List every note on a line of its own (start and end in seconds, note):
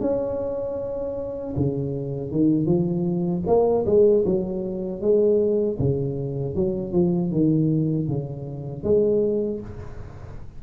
0.00 1.54 C#4
1.56 2.31 C#3
2.31 2.65 D#3
2.65 3.42 F3
3.47 3.85 A#3
3.86 4.24 G#3
4.25 5.01 F#3
5.01 5.78 G#3
5.78 6.55 C#3
6.55 6.92 F#3
6.92 7.31 F3
7.31 8.08 D#3
8.08 8.83 C#3
8.83 9.60 G#3